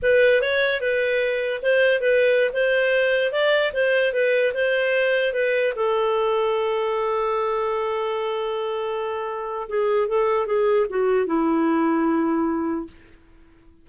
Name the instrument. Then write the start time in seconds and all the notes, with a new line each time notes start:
clarinet
0.02 B4
0.41 C#5
0.80 B4
1.62 C5
2.01 B4
2.53 C5
3.31 D5
3.73 C5
4.13 B4
4.54 C5
5.33 B4
5.75 A4
9.68 G#4
10.07 A4
10.46 G#4
10.89 F#4
11.26 E4